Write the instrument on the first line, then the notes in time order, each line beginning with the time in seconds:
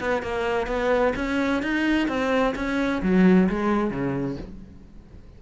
cello
0.00 B3
0.22 A#3
0.67 B3
1.16 C#4
1.63 D#4
2.08 C4
2.55 C#4
3.02 F#3
3.49 G#3
3.90 C#3